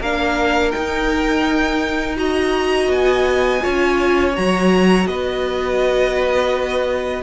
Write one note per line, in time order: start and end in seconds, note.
0.00 0.72 A#3
0.00 0.73 D4
0.00 2.17 A#4
0.00 0.71 F5
0.71 2.16 D#4
0.71 2.88 D#4
0.71 2.16 G5
2.16 3.60 F#4
2.16 3.63 D#5
2.16 2.91 A#5
2.88 3.60 B3
2.88 4.35 G#5
3.60 4.32 F4
3.60 5.07 C#5
3.66 4.37 C#4
4.35 5.06 F#3
4.35 7.22 F#4
4.35 5.07 A#5
5.06 7.22 B3
5.06 7.22 B4
5.06 7.22 D#5